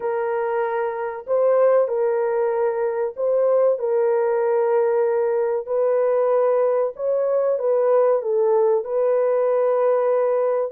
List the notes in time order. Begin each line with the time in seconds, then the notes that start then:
0.00 A#4
1.26 C5
1.87 A#4
3.16 C5
3.78 A#4
5.66 B4
6.96 C#5
7.58 B4
8.22 A4
8.84 B4